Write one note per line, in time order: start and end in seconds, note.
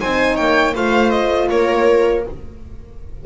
0.00 0.39 C4
0.00 0.75 D#4
0.00 0.35 C5
0.00 0.36 G#5
0.35 0.75 A#3
0.35 0.72 C#5
0.35 0.74 G5
0.74 1.50 A3
0.74 2.25 F4
0.74 1.49 C5
0.74 1.10 F5
1.10 1.47 D#5
1.49 2.25 A#3
1.49 2.25 A#4
1.49 2.24 C#5